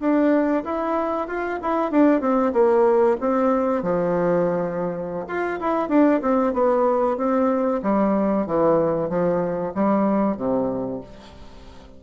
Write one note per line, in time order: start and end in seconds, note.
0.00 0.64 D4
0.64 1.28 E4
1.28 1.60 F4
1.62 1.92 E4
1.92 2.21 D4
2.21 2.53 C4
2.53 3.17 A#3
3.21 3.83 C4
3.83 5.26 F3
5.28 5.60 F4
5.61 5.89 E4
5.89 6.21 D4
6.22 6.54 C4
6.54 7.18 B3
7.18 7.81 C4
7.83 8.47 G3
8.47 9.10 E3
9.10 9.74 F3
9.75 10.37 G3
10.37 11.01 C3